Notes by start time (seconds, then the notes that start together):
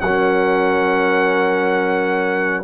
0.00 F#3 C#4 A#4 F#5